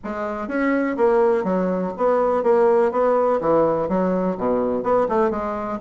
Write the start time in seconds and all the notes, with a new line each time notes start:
0.04 G#3
0.48 C#4
0.96 A#3
1.44 F#3
1.97 B3
2.43 A#3
2.91 B3
3.40 E3
3.88 F#3
4.37 B2
4.83 B3
5.09 A3
5.30 G#3